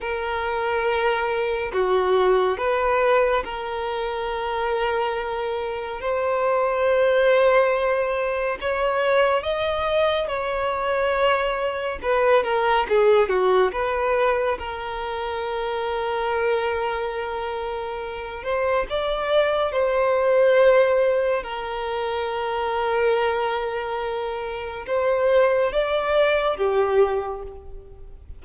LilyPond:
\new Staff \with { instrumentName = "violin" } { \time 4/4 \tempo 4 = 70 ais'2 fis'4 b'4 | ais'2. c''4~ | c''2 cis''4 dis''4 | cis''2 b'8 ais'8 gis'8 fis'8 |
b'4 ais'2.~ | ais'4. c''8 d''4 c''4~ | c''4 ais'2.~ | ais'4 c''4 d''4 g'4 | }